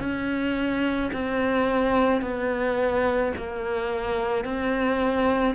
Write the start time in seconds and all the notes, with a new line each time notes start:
0.00 C#4
1.13 C4
2.22 B3
3.37 A#3
4.45 C4